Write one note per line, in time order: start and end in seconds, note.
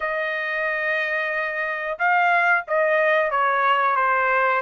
0.00 1.98 D#5
1.98 2.64 F5
2.67 3.30 D#5
3.30 3.96 C#5
3.96 4.61 C5